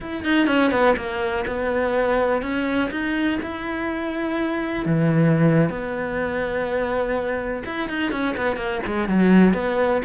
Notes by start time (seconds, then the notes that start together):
0.00 E4
0.24 D#4
0.47 C#4
0.71 B3
0.96 A#3
1.46 B3
2.42 C#4
2.91 D#4
3.42 E4
4.85 E3
5.69 B3
7.65 E4
7.88 D#4
8.11 C#4
8.36 B3
8.56 A#3
8.86 G#3
9.08 F#3
9.53 B3